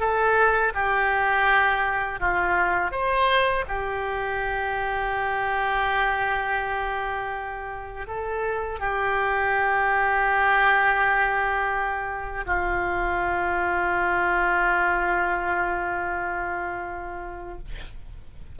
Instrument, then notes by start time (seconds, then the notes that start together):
oboe
0.00 A4
0.74 G4
2.20 F4
2.92 C5
3.68 G4
8.08 A4
8.79 G4
12.46 F4